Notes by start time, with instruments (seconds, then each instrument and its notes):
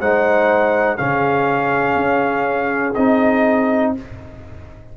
0.00 tuba G#3, trombone D#4, horn C5, trumpet F#5
0.97 tuba C#3, trombone C#4, horn G#4, trumpet F5
1.96 tuba C#4
2.94 tuba C4, trombone D#4, trumpet D#5